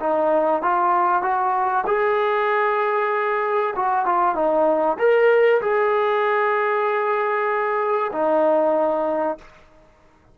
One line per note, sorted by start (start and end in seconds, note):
0.00 0.62 D#4
0.62 1.22 F4
1.22 1.85 F#4
1.87 3.74 G#4
3.76 4.05 F#4
4.05 4.35 F4
4.35 4.97 D#4
4.99 5.61 A#4
5.61 8.11 G#4
8.13 9.38 D#4